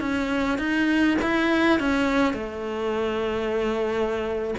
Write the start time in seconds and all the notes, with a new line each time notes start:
0.00 C#4
0.58 D#4
1.22 E4
1.80 C#4
2.34 A3